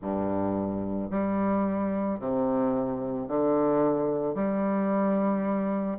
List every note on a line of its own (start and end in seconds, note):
0.01 1.10 G2
1.10 2.19 G3
2.19 3.27 C3
3.27 4.34 D3
4.34 5.98 G3